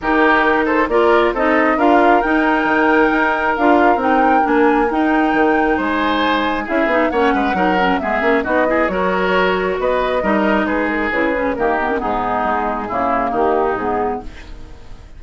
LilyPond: <<
  \new Staff \with { instrumentName = "flute" } { \time 4/4 \tempo 4 = 135 ais'4. c''8 d''4 dis''4 | f''4 g''2. | f''4 g''4 gis''4 g''4~ | g''4 gis''2 e''4 |
fis''2 e''4 dis''4 | cis''2 dis''2 | b'8 ais'8 b'4 ais'4 gis'4~ | gis'2 g'4 gis'4 | }
  \new Staff \with { instrumentName = "oboe" } { \time 4/4 g'4. a'8 ais'4 a'4 | ais'1~ | ais'1~ | ais'4 c''2 gis'4 |
cis''8 b'8 ais'4 gis'4 fis'8 gis'8 | ais'2 b'4 ais'4 | gis'2 g'4 dis'4~ | dis'4 e'4 dis'2 | }
  \new Staff \with { instrumentName = "clarinet" } { \time 4/4 dis'2 f'4 dis'4 | f'4 dis'2. | f'4 dis'4 d'4 dis'4~ | dis'2. e'8 dis'8 |
cis'4 dis'8 cis'8 b8 cis'8 dis'8 e'8 | fis'2. dis'4~ | dis'4 e'8 cis'8 ais8 b16 cis'16 b4~ | b4 ais2 b4 | }
  \new Staff \with { instrumentName = "bassoon" } { \time 4/4 dis2 ais4 c'4 | d'4 dis'4 dis4 dis'4 | d'4 c'4 ais4 dis'4 | dis4 gis2 cis'8 b8 |
ais8 gis8 fis4 gis8 ais8 b4 | fis2 b4 g4 | gis4 cis4 dis4 gis,4 | gis4 cis4 dis4 gis,4 | }
>>